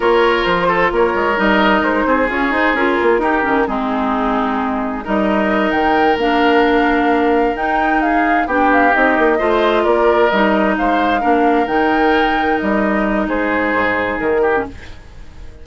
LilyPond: <<
  \new Staff \with { instrumentName = "flute" } { \time 4/4 \tempo 4 = 131 cis''4 c''4 cis''4 dis''4 | c''4 cis''8 c''8 ais'2 | gis'2. dis''4~ | dis''8 g''4 f''2~ f''8~ |
f''8 g''4 f''4 g''8 f''8 dis''8~ | dis''4. d''4 dis''4 f''8~ | f''4. g''2 dis''8~ | dis''4 c''2 ais'4 | }
  \new Staff \with { instrumentName = "oboe" } { \time 4/4 ais'4. a'8 ais'2~ | ais'8 gis'2~ gis'8 g'4 | dis'2. ais'4~ | ais'1~ |
ais'4. gis'4 g'4.~ | g'8 c''4 ais'2 c''8~ | c''8 ais'2.~ ais'8~ | ais'4 gis'2~ gis'8 g'8 | }
  \new Staff \with { instrumentName = "clarinet" } { \time 4/4 f'2. dis'4~ | dis'4 cis'8 dis'8 f'4 dis'8 cis'8 | c'2. dis'4~ | dis'4. d'2~ d'8~ |
d'8 dis'2 d'4 dis'8~ | dis'8 f'2 dis'4.~ | dis'8 d'4 dis'2~ dis'8~ | dis'2.~ dis'8. cis'16 | }
  \new Staff \with { instrumentName = "bassoon" } { \time 4/4 ais4 f4 ais8 gis8 g4 | gis8 c'8 f'8 dis'8 cis'8 ais8 dis'8 dis8 | gis2. g4~ | g8 dis4 ais2~ ais8~ |
ais8 dis'2 b4 c'8 | ais8 a4 ais4 g4 gis8~ | gis8 ais4 dis2 g8~ | g4 gis4 gis,4 dis4 | }
>>